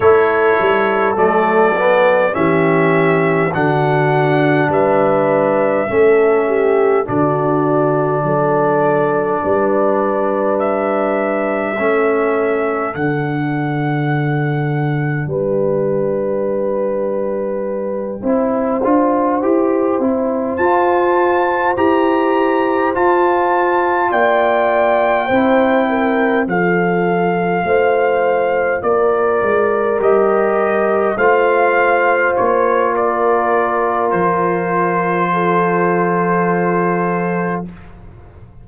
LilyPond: <<
  \new Staff \with { instrumentName = "trumpet" } { \time 4/4 \tempo 4 = 51 cis''4 d''4 e''4 fis''4 | e''2 d''2~ | d''4 e''2 fis''4~ | fis''4 g''2.~ |
g''4. a''4 ais''4 a''8~ | a''8 g''2 f''4.~ | f''8 d''4 dis''4 f''4 cis''8 | d''4 c''2. | }
  \new Staff \with { instrumentName = "horn" } { \time 4/4 a'2 g'4 fis'4 | b'4 a'8 g'8 fis'4 a'4 | b'2 a'2~ | a'4 b'2~ b'8 c''8~ |
c''1~ | c''8 d''4 c''8 ais'8 a'4 c''8~ | c''8 ais'2 c''4. | ais'2 a'2 | }
  \new Staff \with { instrumentName = "trombone" } { \time 4/4 e'4 a8 b8 cis'4 d'4~ | d'4 cis'4 d'2~ | d'2 cis'4 d'4~ | d'2.~ d'8 e'8 |
f'8 g'8 e'8 f'4 g'4 f'8~ | f'4. e'4 f'4.~ | f'4. g'4 f'4.~ | f'1 | }
  \new Staff \with { instrumentName = "tuba" } { \time 4/4 a8 g8 fis4 e4 d4 | g4 a4 d4 fis4 | g2 a4 d4~ | d4 g2~ g8 c'8 |
d'8 e'8 c'8 f'4 e'4 f'8~ | f'8 ais4 c'4 f4 a8~ | a8 ais8 gis8 g4 a4 ais8~ | ais4 f2. | }
>>